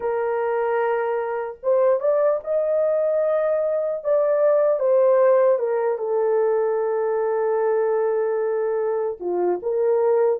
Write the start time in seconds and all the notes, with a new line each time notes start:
0.00 A#4
1.63 C5
2.00 D5
2.44 D#5
4.04 D5
4.79 C5
5.58 A#4
5.97 A4
9.20 F4
9.62 A#4